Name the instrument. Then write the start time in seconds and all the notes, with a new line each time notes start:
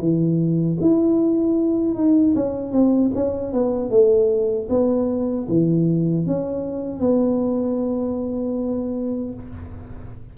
tuba
0.00 E3
0.81 E4
1.95 D#4
2.36 C#4
2.72 C4
3.15 C#4
3.53 B3
3.91 A3
4.70 B3
5.49 E3
6.27 C#4
7.00 B3